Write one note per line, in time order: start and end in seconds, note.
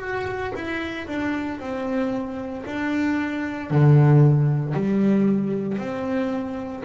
0.00 0.53 F#4
0.56 1.07 E4
1.07 1.60 D4
1.60 2.65 C4
2.66 3.70 D4
3.70 4.74 D3
4.74 5.78 G3
5.78 6.83 C4